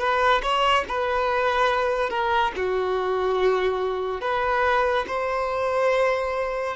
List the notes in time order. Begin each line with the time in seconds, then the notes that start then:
0.00 B4
0.43 C#5
0.89 B4
2.10 A#4
2.57 F#4
4.21 B4
5.08 C5